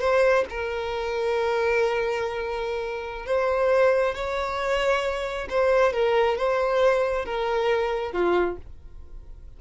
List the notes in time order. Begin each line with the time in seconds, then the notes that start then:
0.00 C5
0.49 A#4
3.25 C5
4.14 C#5
5.49 C5
5.93 A#4
6.37 C5
7.25 A#4
8.12 F4